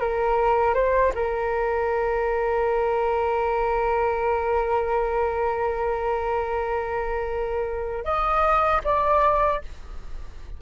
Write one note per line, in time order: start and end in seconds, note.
0.00 0.74 A#4
0.74 1.12 C5
1.14 8.04 A#4
8.04 8.81 D#5
8.84 9.61 D5